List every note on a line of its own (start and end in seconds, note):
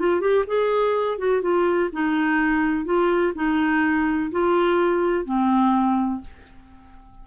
0.00 0.21 F4
0.21 0.45 G4
0.48 1.18 G#4
1.18 1.42 F#4
1.42 1.90 F4
1.93 2.86 D#4
2.86 3.34 F4
3.36 4.32 D#4
4.32 5.25 F4
5.25 6.21 C4